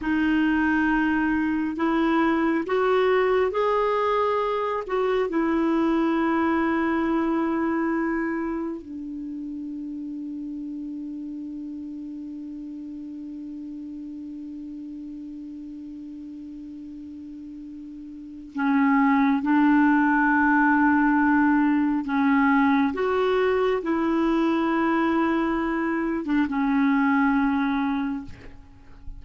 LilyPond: \new Staff \with { instrumentName = "clarinet" } { \time 4/4 \tempo 4 = 68 dis'2 e'4 fis'4 | gis'4. fis'8 e'2~ | e'2 d'2~ | d'1~ |
d'1~ | d'4 cis'4 d'2~ | d'4 cis'4 fis'4 e'4~ | e'4.~ e'16 d'16 cis'2 | }